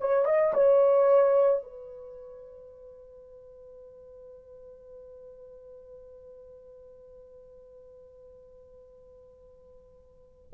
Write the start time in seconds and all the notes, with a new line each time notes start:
0.00 C#5
0.25 D#5
0.54 C#5
1.63 B4